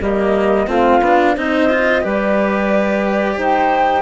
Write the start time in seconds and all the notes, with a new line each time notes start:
0.00 G3 A#3 G4 D#5
0.67 A3 C4 F4 F5
1.00 B3 D4
1.34 C4 D#4 C5 D#5
1.69 F4
2.01 G3 G4 B4 D5
3.36 D#4 C5 G5